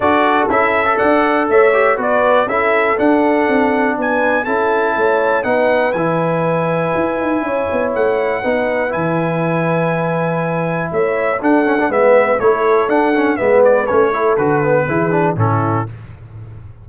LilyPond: <<
  \new Staff \with { instrumentName = "trumpet" } { \time 4/4 \tempo 4 = 121 d''4 e''4 fis''4 e''4 | d''4 e''4 fis''2 | gis''4 a''2 fis''4 | gis''1 |
fis''2 gis''2~ | gis''2 e''4 fis''4 | e''4 cis''4 fis''4 e''8 d''8 | cis''4 b'2 a'4 | }
  \new Staff \with { instrumentName = "horn" } { \time 4/4 a'2 d''4 cis''4 | b'4 a'2. | b'4 a'4 cis''4 b'4~ | b'2. cis''4~ |
cis''4 b'2.~ | b'2 cis''4 a'4 | b'4 a'2 b'4~ | b'8 a'4. gis'4 e'4 | }
  \new Staff \with { instrumentName = "trombone" } { \time 4/4 fis'4 e'8. a'4.~ a'16 g'8 | fis'4 e'4 d'2~ | d'4 e'2 dis'4 | e'1~ |
e'4 dis'4 e'2~ | e'2. d'8 cis'16 d'16 | b4 e'4 d'8 cis'8 b4 | cis'8 e'8 fis'8 b8 e'8 d'8 cis'4 | }
  \new Staff \with { instrumentName = "tuba" } { \time 4/4 d'4 cis'4 d'4 a4 | b4 cis'4 d'4 c'4 | b4 cis'4 a4 b4 | e2 e'8 dis'8 cis'8 b8 |
a4 b4 e2~ | e2 a4 d'4 | gis4 a4 d'4 gis4 | a4 d4 e4 a,4 | }
>>